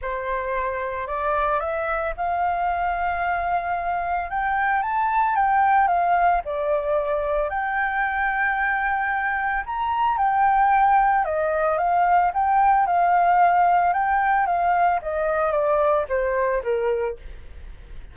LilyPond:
\new Staff \with { instrumentName = "flute" } { \time 4/4 \tempo 4 = 112 c''2 d''4 e''4 | f''1 | g''4 a''4 g''4 f''4 | d''2 g''2~ |
g''2 ais''4 g''4~ | g''4 dis''4 f''4 g''4 | f''2 g''4 f''4 | dis''4 d''4 c''4 ais'4 | }